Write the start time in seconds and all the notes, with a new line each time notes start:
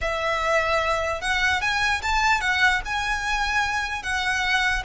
0.01 E5
1.21 F#5
1.61 G#5
2.02 A5
2.40 F#5
2.85 G#5
4.02 F#5